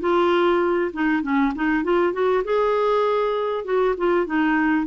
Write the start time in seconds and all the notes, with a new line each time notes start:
0.00 F4
0.93 D#4
1.22 C#4
1.55 D#4
1.83 F4
2.12 F#4
2.44 G#4
3.64 F#4
3.97 F4
4.26 D#4